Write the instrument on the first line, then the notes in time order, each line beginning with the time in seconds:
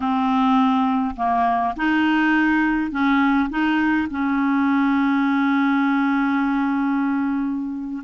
clarinet
0.00 C4
1.16 A#3
1.76 D#4
2.91 C#4
3.50 D#4
4.10 C#4